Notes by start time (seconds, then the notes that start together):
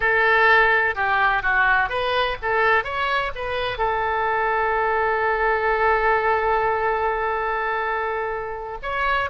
0.00 A4
0.95 G4
1.42 F#4
1.89 B4
2.42 A4
2.84 C#5
3.35 B4
3.78 A4
8.82 C#5